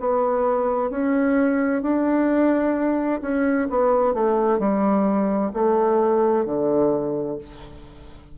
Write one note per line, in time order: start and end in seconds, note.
0.00 0.91 B3
0.91 1.83 C#4
1.83 3.21 D4
3.22 3.68 C#4
3.70 4.15 B3
4.15 4.59 A3
4.59 5.52 G3
5.53 6.46 A3
6.46 7.38 D3